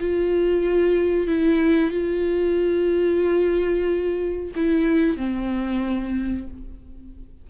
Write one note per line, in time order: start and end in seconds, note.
0.00 1.27 F4
1.27 1.91 E4
1.91 4.52 F4
4.56 5.17 E4
5.17 6.47 C4